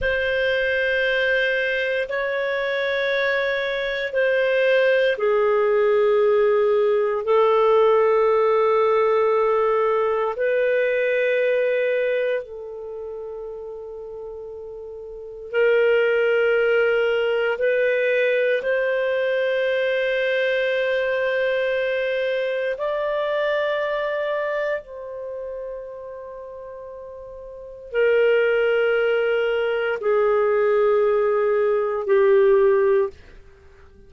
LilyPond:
\new Staff \with { instrumentName = "clarinet" } { \time 4/4 \tempo 4 = 58 c''2 cis''2 | c''4 gis'2 a'4~ | a'2 b'2 | a'2. ais'4~ |
ais'4 b'4 c''2~ | c''2 d''2 | c''2. ais'4~ | ais'4 gis'2 g'4 | }